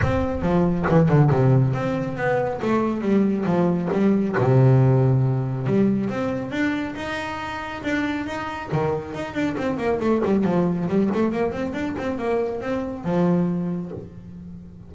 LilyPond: \new Staff \with { instrumentName = "double bass" } { \time 4/4 \tempo 4 = 138 c'4 f4 e8 d8 c4 | c'4 b4 a4 g4 | f4 g4 c2~ | c4 g4 c'4 d'4 |
dis'2 d'4 dis'4 | dis4 dis'8 d'8 c'8 ais8 a8 g8 | f4 g8 a8 ais8 c'8 d'8 c'8 | ais4 c'4 f2 | }